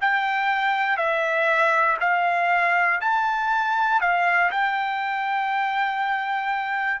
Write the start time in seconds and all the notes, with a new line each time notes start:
0.00 G5
0.97 E5
2.00 F5
3.00 A5
4.00 F5
4.50 G5